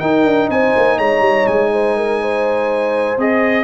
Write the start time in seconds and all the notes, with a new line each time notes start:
0.00 D#4 A#4 G5
0.25 D4
0.50 C4 C5 G#5
0.77 A#3
0.98 G#3 C#5 A#5
1.21 G3
1.47 G#3 G#5
1.73 C5
1.97 A#4
2.22 C5
3.18 C4 G#4 D#5